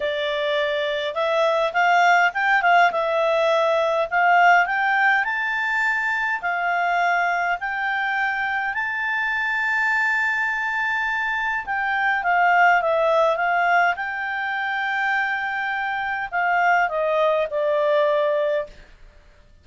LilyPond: \new Staff \with { instrumentName = "clarinet" } { \time 4/4 \tempo 4 = 103 d''2 e''4 f''4 | g''8 f''8 e''2 f''4 | g''4 a''2 f''4~ | f''4 g''2 a''4~ |
a''1 | g''4 f''4 e''4 f''4 | g''1 | f''4 dis''4 d''2 | }